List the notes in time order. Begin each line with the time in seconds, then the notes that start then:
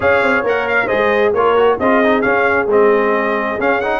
0.00 C#4 G#4 C#5 F5
0.22 C4
0.43 A#3 A#4 F#5
0.68 F5
0.85 G#4 C5 D#5
0.92 G#3
1.33 A#3 F4 A#4 C#5
1.56 F#4
1.79 C4 F4 G#4 D#5
2.03 D#4
2.21 C#4 F5
2.66 G#3 C4 D#5
3.59 C#4 F5
3.80 D#4 F#5